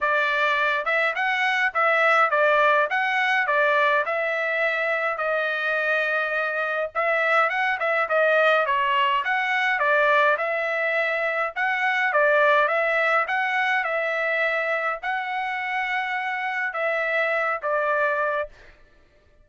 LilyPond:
\new Staff \with { instrumentName = "trumpet" } { \time 4/4 \tempo 4 = 104 d''4. e''8 fis''4 e''4 | d''4 fis''4 d''4 e''4~ | e''4 dis''2. | e''4 fis''8 e''8 dis''4 cis''4 |
fis''4 d''4 e''2 | fis''4 d''4 e''4 fis''4 | e''2 fis''2~ | fis''4 e''4. d''4. | }